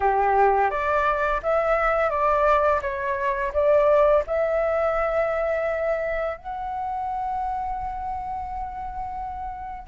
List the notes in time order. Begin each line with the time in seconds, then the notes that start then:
0.00 G4
0.70 D5
1.42 E5
2.10 D5
2.81 C#5
3.53 D5
4.26 E5
6.37 F#5